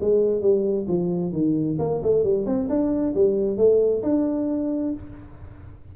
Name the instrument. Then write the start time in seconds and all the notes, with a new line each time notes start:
tuba
0.00 G#3
0.41 G3
0.88 F3
1.32 D#3
1.79 A#3
2.03 A3
2.23 G3
2.46 C4
2.69 D4
3.15 G3
3.57 A3
4.03 D4